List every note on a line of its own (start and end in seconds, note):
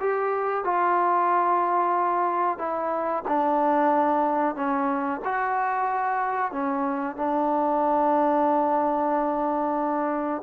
0.00 0.64 G4
0.64 2.58 F4
2.58 3.24 E4
3.28 4.55 D4
4.55 5.21 C#4
5.25 6.52 F#4
6.52 7.16 C#4
7.16 10.42 D4